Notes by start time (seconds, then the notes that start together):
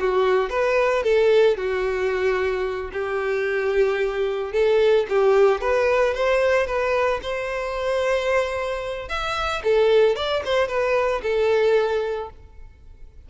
0.00 F#4
0.50 B4
1.03 A4
1.57 F#4
2.93 G4
4.53 A4
5.09 G4
5.61 B4
6.15 C5
6.67 B4
7.22 C5
9.09 E5
9.64 A4
10.16 D5
10.45 C5
10.68 B4
11.23 A4